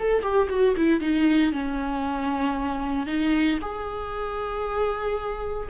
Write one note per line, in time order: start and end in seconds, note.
0.00 0.22 A4
0.22 0.48 G4
0.50 0.75 F#4
0.77 1.01 E4
1.01 1.53 D#4
1.53 3.07 C#4
3.07 3.59 D#4
3.62 5.69 G#4